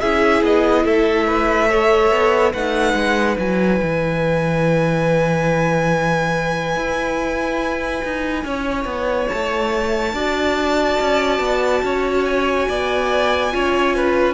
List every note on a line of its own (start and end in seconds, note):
0.00 0.42 C#4
0.00 1.69 E4
0.00 0.85 G#4
0.00 0.42 E5
0.42 0.84 B3
0.42 0.86 D#5
0.84 2.11 A3
0.84 1.27 A4
0.84 2.52 E5
1.27 1.68 B4
1.68 2.54 A4
1.68 2.53 C#5
2.11 2.53 B3
2.52 2.94 A3
2.52 3.40 D#4
2.52 8.44 B4
2.52 3.37 F#5
2.94 3.36 G#3
3.39 3.81 F#3
3.39 10.15 E4
3.39 9.28 G#5
3.82 6.75 E3
6.75 8.02 E4
8.04 8.44 D#4
8.44 8.85 C#4
8.44 10.14 C#5
8.85 9.27 B3
9.28 10.13 A3
9.28 12.24 A5
10.13 10.98 D4
10.13 13.51 F#4
10.13 11.83 D5
11.00 11.39 C#4
11.39 11.81 B3
11.83 12.67 C#4
11.83 12.68 C#5
12.25 14.34 G#5
12.68 13.53 B3
12.68 13.53 D5
13.51 14.34 C#4
13.51 14.34 F4
13.51 13.95 C#5
13.95 14.34 B4